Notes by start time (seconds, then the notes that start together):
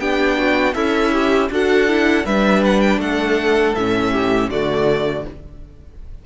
0.00 B3 D4 G4 G5
0.39 F#4
0.74 C#4 E4 A4 E5
1.13 G4
1.51 D4 F#4 A4 F#5
1.89 E4
2.26 G3 D4 B4 E5
2.65 F#5
2.81 G5
2.99 A3 A4 F#5
3.75 A2 C#4 E5
4.12 G4
4.50 D3 A3 F#4 D5